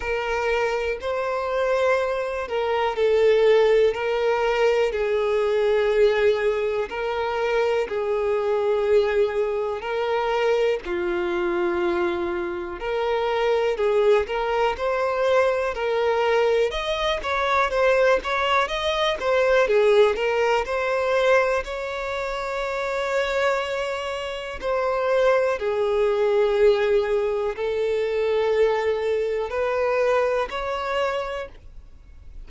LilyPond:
\new Staff \with { instrumentName = "violin" } { \time 4/4 \tempo 4 = 61 ais'4 c''4. ais'8 a'4 | ais'4 gis'2 ais'4 | gis'2 ais'4 f'4~ | f'4 ais'4 gis'8 ais'8 c''4 |
ais'4 dis''8 cis''8 c''8 cis''8 dis''8 c''8 | gis'8 ais'8 c''4 cis''2~ | cis''4 c''4 gis'2 | a'2 b'4 cis''4 | }